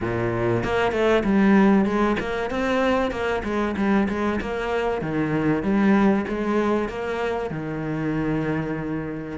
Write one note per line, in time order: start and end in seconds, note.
0.01 0.63 A#2
0.63 0.91 A#3
0.91 1.23 A3
1.23 1.85 G3
1.85 2.16 G#3
2.19 2.50 A#3
2.50 3.11 C4
3.11 3.42 A#3
3.43 3.75 G#3
3.76 4.08 G3
4.08 4.39 G#3
4.40 5.01 A#3
5.01 5.62 D#3
5.62 6.25 G3
6.28 6.88 G#3
6.88 7.50 A#3
7.50 9.38 D#3